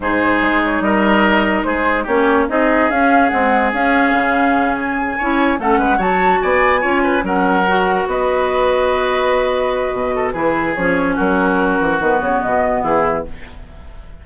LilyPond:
<<
  \new Staff \with { instrumentName = "flute" } { \time 4/4 \tempo 4 = 145 c''4. cis''8 dis''2 | c''4 cis''4 dis''4 f''4 | fis''4 f''2~ f''8 gis''8~ | gis''4. fis''4 a''4 gis''8~ |
gis''4. fis''2 dis''8~ | dis''1~ | dis''4 b'4 cis''4 ais'4~ | ais'4 b'8 cis''8 dis''4 gis'4 | }
  \new Staff \with { instrumentName = "oboe" } { \time 4/4 gis'2 ais'2 | gis'4 g'4 gis'2~ | gis'1~ | gis'8 cis''4 a'8 b'8 cis''4 d''8~ |
d''8 cis''8 b'8 ais'2 b'8~ | b'1~ | b'8 a'8 gis'2 fis'4~ | fis'2. e'4 | }
  \new Staff \with { instrumentName = "clarinet" } { \time 4/4 dis'1~ | dis'4 cis'4 dis'4 cis'4 | gis4 cis'2.~ | cis'8 e'4 cis'4 fis'4.~ |
fis'8 f'4 cis'4 fis'4.~ | fis'1~ | fis'4 e'4 cis'2~ | cis'4 b2. | }
  \new Staff \with { instrumentName = "bassoon" } { \time 4/4 gis,4 gis4 g2 | gis4 ais4 c'4 cis'4 | c'4 cis'4 cis2~ | cis8 cis'4 a8 gis8 fis4 b8~ |
b8 cis'4 fis2 b8~ | b1 | b,4 e4 f4 fis4~ | fis8 e8 dis8 cis8 b,4 e4 | }
>>